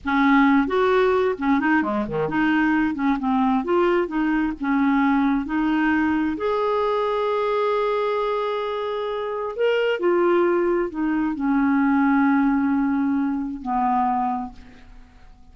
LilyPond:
\new Staff \with { instrumentName = "clarinet" } { \time 4/4 \tempo 4 = 132 cis'4. fis'4. cis'8 dis'8 | gis8 dis8 dis'4. cis'8 c'4 | f'4 dis'4 cis'2 | dis'2 gis'2~ |
gis'1~ | gis'4 ais'4 f'2 | dis'4 cis'2.~ | cis'2 b2 | }